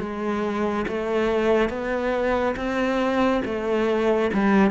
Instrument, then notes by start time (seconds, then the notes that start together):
cello
0.00 G#3
0.88 A3
1.70 B3
2.57 C4
3.45 A3
4.34 G3